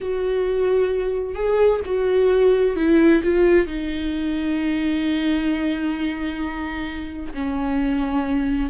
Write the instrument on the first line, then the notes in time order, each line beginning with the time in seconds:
viola
0.00 F#4
1.34 G#4
1.85 F#4
2.76 E4
3.23 F4
3.66 D#4
7.34 C#4